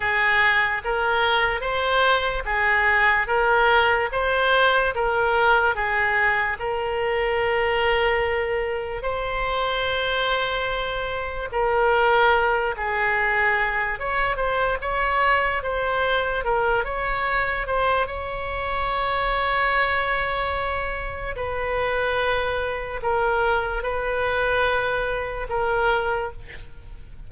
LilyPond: \new Staff \with { instrumentName = "oboe" } { \time 4/4 \tempo 4 = 73 gis'4 ais'4 c''4 gis'4 | ais'4 c''4 ais'4 gis'4 | ais'2. c''4~ | c''2 ais'4. gis'8~ |
gis'4 cis''8 c''8 cis''4 c''4 | ais'8 cis''4 c''8 cis''2~ | cis''2 b'2 | ais'4 b'2 ais'4 | }